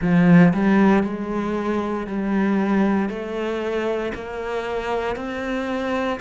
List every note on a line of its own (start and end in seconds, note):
0.01 0.53 F3
0.53 1.03 G3
1.03 2.06 G#3
2.06 3.08 G3
3.08 4.12 A3
4.14 5.15 A#3
5.15 6.19 C4